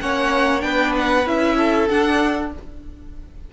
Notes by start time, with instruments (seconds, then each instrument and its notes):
0.00 cello A#3, viola C#4, violin C#5 F#5
0.59 cello B3, viola D4, violin B4 G5
0.95 violin F#5
1.26 cello C#4, viola E4, violin E5
1.55 violin A4
1.88 viola D4, cello D4, violin F#5